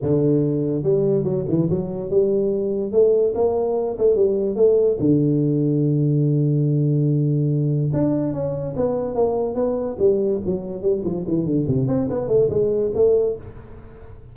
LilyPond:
\new Staff \with { instrumentName = "tuba" } { \time 4/4 \tempo 4 = 144 d2 g4 fis8 e8 | fis4 g2 a4 | ais4. a8 g4 a4 | d1~ |
d2. d'4 | cis'4 b4 ais4 b4 | g4 fis4 g8 f8 e8 d8 | c8 c'8 b8 a8 gis4 a4 | }